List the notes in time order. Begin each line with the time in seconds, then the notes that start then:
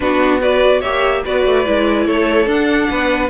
0.00 B3 D4 F#4 B4
0.41 F#4 B4 D5
0.80 A#3 G4 C#5 E5
1.24 B3 F#4 B4 D5
1.45 A3
1.65 G#3 E4
2.06 A3 A4 C#5
2.46 D4 F#5
2.89 B3 B4